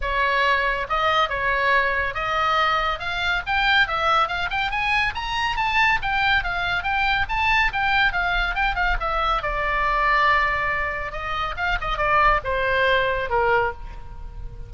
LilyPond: \new Staff \with { instrumentName = "oboe" } { \time 4/4 \tempo 4 = 140 cis''2 dis''4 cis''4~ | cis''4 dis''2 f''4 | g''4 e''4 f''8 g''8 gis''4 | ais''4 a''4 g''4 f''4 |
g''4 a''4 g''4 f''4 | g''8 f''8 e''4 d''2~ | d''2 dis''4 f''8 dis''8 | d''4 c''2 ais'4 | }